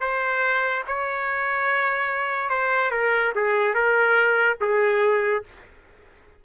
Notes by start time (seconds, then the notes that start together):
0.00 C5
0.87 C#5
2.49 C5
2.91 A#4
3.35 G#4
3.74 A#4
4.60 G#4